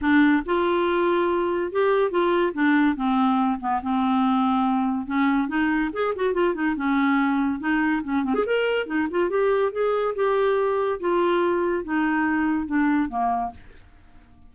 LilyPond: \new Staff \with { instrumentName = "clarinet" } { \time 4/4 \tempo 4 = 142 d'4 f'2. | g'4 f'4 d'4 c'4~ | c'8 b8 c'2. | cis'4 dis'4 gis'8 fis'8 f'8 dis'8 |
cis'2 dis'4 cis'8 c'16 gis'16 | ais'4 dis'8 f'8 g'4 gis'4 | g'2 f'2 | dis'2 d'4 ais4 | }